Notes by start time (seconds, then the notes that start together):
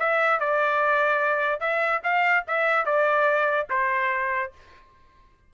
0.00 E5
0.40 D5
1.60 E5
2.04 F5
2.48 E5
2.86 D5
3.70 C5